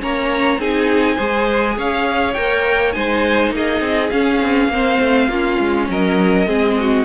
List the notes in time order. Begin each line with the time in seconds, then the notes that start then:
0.00 A#3 C#4 C#5 A#5
0.58 C4 D#4 G#4 G#5
1.15 G#3 G#4 C5
1.77 C#4 C#5 F5
2.33 A#3 A#4 G5
2.92 G#3 D#4 C5 G#5
3.51 A#3 G#4 D#5
3.81 C4
4.10 C#4 F5
4.41 C4
4.68 A#3 C4 C5
5.00 A3
5.28 A#3 C#4 F4
5.60 G#3
5.89 F#3 A#4 D#5
6.47 G#3 C4 G#4
6.80 F#4